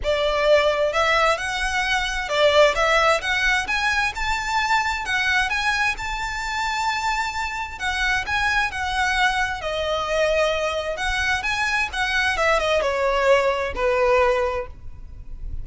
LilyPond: \new Staff \with { instrumentName = "violin" } { \time 4/4 \tempo 4 = 131 d''2 e''4 fis''4~ | fis''4 d''4 e''4 fis''4 | gis''4 a''2 fis''4 | gis''4 a''2.~ |
a''4 fis''4 gis''4 fis''4~ | fis''4 dis''2. | fis''4 gis''4 fis''4 e''8 dis''8 | cis''2 b'2 | }